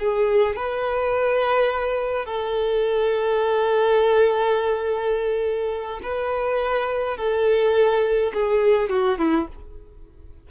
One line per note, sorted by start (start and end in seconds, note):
0.00 0.57 G#4
0.57 2.26 B4
2.26 6.01 A4
6.03 7.18 B4
7.18 8.33 A4
8.34 8.90 G#4
8.90 9.19 F#4
9.19 9.48 E4